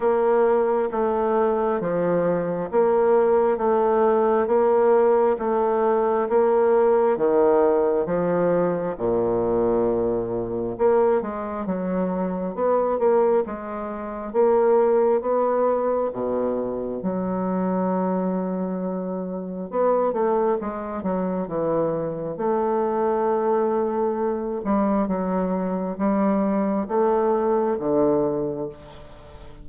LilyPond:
\new Staff \with { instrumentName = "bassoon" } { \time 4/4 \tempo 4 = 67 ais4 a4 f4 ais4 | a4 ais4 a4 ais4 | dis4 f4 ais,2 | ais8 gis8 fis4 b8 ais8 gis4 |
ais4 b4 b,4 fis4~ | fis2 b8 a8 gis8 fis8 | e4 a2~ a8 g8 | fis4 g4 a4 d4 | }